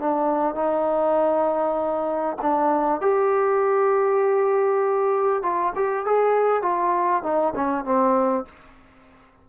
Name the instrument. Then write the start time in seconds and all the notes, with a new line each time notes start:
trombone
0.00 D4
0.55 D#4
2.42 D4
3.01 G4
5.42 F4
5.75 G4
6.06 G#4
6.62 F4
7.23 D#4
7.55 C#4
7.85 C4